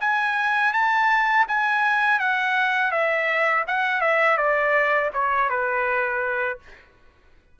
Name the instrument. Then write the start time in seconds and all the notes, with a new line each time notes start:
trumpet
0.00 G#5
0.73 A5
1.48 G#5
2.19 F#5
2.91 E5
3.67 F#5
4.01 E5
4.37 D5
5.13 C#5
5.49 B4